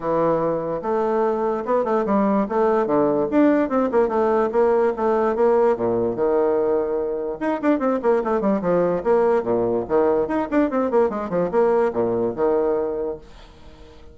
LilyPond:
\new Staff \with { instrumentName = "bassoon" } { \time 4/4 \tempo 4 = 146 e2 a2 | b8 a8 g4 a4 d4 | d'4 c'8 ais8 a4 ais4 | a4 ais4 ais,4 dis4~ |
dis2 dis'8 d'8 c'8 ais8 | a8 g8 f4 ais4 ais,4 | dis4 dis'8 d'8 c'8 ais8 gis8 f8 | ais4 ais,4 dis2 | }